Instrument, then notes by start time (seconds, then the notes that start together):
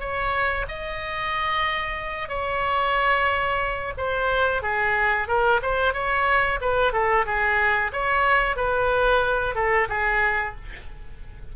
oboe
0.00 C#5
0.68 D#5
2.29 C#5
3.97 C5
4.62 G#4
5.28 A#4
5.62 C5
5.93 C#5
6.61 B4
6.93 A4
7.26 G#4
7.93 C#5
8.56 B4
9.55 A4
9.89 G#4